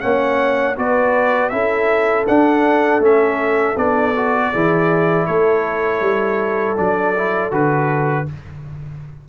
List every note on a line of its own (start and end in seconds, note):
0.00 0.77 A#3
0.00 0.75 C#4
0.00 0.77 C#5
0.00 0.75 F#5
0.76 1.52 B3
0.76 1.51 F#4
0.76 1.53 B4
0.76 1.49 D5
1.49 2.27 C#4
1.49 2.26 E4
1.49 4.51 A4
1.49 2.24 E5
2.27 2.99 D4
2.27 3.01 D4
2.27 3.02 F#5
2.99 3.74 A3
2.99 3.76 C#4
2.99 3.77 E5
3.77 4.52 B3
3.77 4.14 D4
3.77 5.26 D5
4.16 4.53 F#4
4.51 5.28 E3
4.51 6.77 E4
4.51 5.26 G#4
5.26 6.00 A3
5.26 8.28 A4
5.26 6.76 C#5
6.00 6.75 G3
6.77 7.51 F#3
6.77 7.14 D4
6.77 7.52 D5
7.17 7.51 E4
7.51 8.26 D3
7.51 8.26 F#4
7.51 8.28 B4